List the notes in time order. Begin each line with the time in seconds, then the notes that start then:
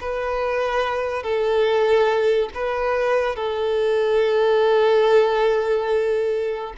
0.00 B4
1.23 A4
2.54 B4
3.35 A4